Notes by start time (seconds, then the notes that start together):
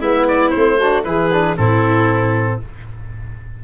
0.00 G#3 B3 E4 E5
0.28 D5
0.50 A3 C4 C5
0.78 D4 F#4
1.04 E3 E4 G#4 B4
1.32 D4
1.57 A2 C4 E4 A4